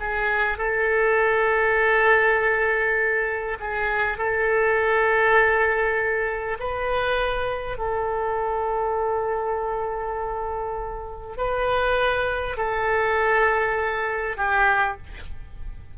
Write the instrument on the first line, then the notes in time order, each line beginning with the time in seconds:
oboe
0.00 G#4
0.58 A4
3.60 G#4
4.18 A4
6.60 B4
7.78 A4
11.38 B4
12.57 A4
14.37 G4